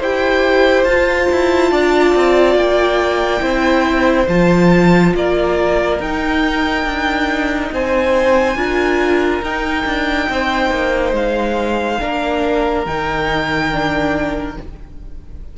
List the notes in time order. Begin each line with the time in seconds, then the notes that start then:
0.00 E4 G4 C5 G5
0.84 F4 A5
1.32 E4
1.71 D4 D5
2.15 C4
2.55 A#3 G5
3.40 C4 E4 C5
4.28 F3 F4 A5
5.15 A#3 A#4 D5
6.00 D#4 G5
6.84 D4
7.72 C4 C5 G#5
8.55 D4 F4 A#4
9.42 D#4 G5
9.86 D4
10.29 C4 C5
10.71 A#3
11.13 G#3 F5
12.00 A#3 D4 A#4
12.86 D#3 D#4 G5
13.72 D4